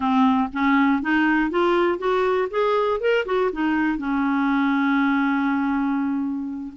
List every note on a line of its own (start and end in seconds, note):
0.00 0.48 C4
0.52 1.02 C#4
1.02 1.50 D#4
1.50 1.98 F4
1.98 2.48 F#4
2.50 3.00 G#4
3.00 3.25 A#4
3.25 3.50 F#4
3.52 3.97 D#4
3.97 6.72 C#4